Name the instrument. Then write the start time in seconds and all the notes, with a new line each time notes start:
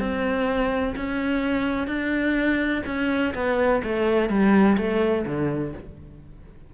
cello
0.00 C4
0.97 C#4
1.87 D4
2.87 C#4
3.35 B3
3.84 A3
4.29 G3
4.78 A3
5.26 D3